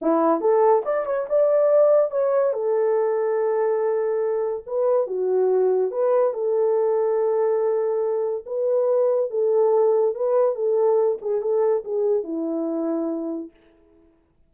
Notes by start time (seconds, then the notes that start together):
0.01 E4
0.40 A4
0.85 D5
1.05 C#5
1.29 D5
2.10 C#5
2.53 A4
4.66 B4
5.06 F#4
5.91 B4
6.33 A4
8.45 B4
9.30 A4
10.14 B4
10.55 A4
11.21 G#4
11.41 A4
11.84 G#4
12.23 E4